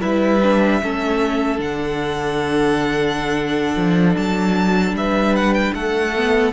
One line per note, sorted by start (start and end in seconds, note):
0.00 0.82 G3
0.00 0.39 E4
0.00 0.80 B4
0.00 1.59 E5
0.42 0.82 D4
0.82 1.59 A3
0.82 1.57 C#4
0.82 4.97 A4
1.57 3.75 D3
1.57 6.11 D4
1.57 4.16 F#5
3.75 4.14 F3
4.16 4.92 F#3
4.16 4.95 A5
4.92 5.71 G3
4.92 5.75 B4
4.92 5.36 E5
5.36 5.53 F#5
5.53 5.73 G5
5.74 6.52 A3
5.74 6.52 A4
5.74 6.52 F#5
6.16 6.52 B3